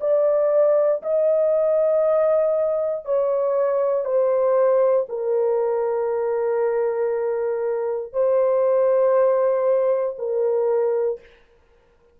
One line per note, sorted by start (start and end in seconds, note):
0.00 1.02 D5
1.02 3.05 D#5
3.05 4.04 C#5
4.04 5.06 C5
5.09 8.13 A#4
8.13 10.16 C5
10.18 11.20 A#4